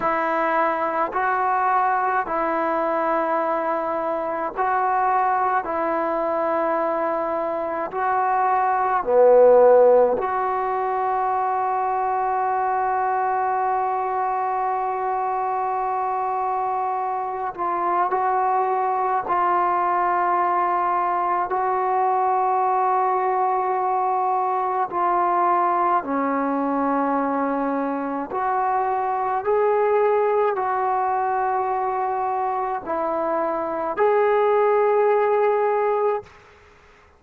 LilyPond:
\new Staff \with { instrumentName = "trombone" } { \time 4/4 \tempo 4 = 53 e'4 fis'4 e'2 | fis'4 e'2 fis'4 | b4 fis'2.~ | fis'2.~ fis'8 f'8 |
fis'4 f'2 fis'4~ | fis'2 f'4 cis'4~ | cis'4 fis'4 gis'4 fis'4~ | fis'4 e'4 gis'2 | }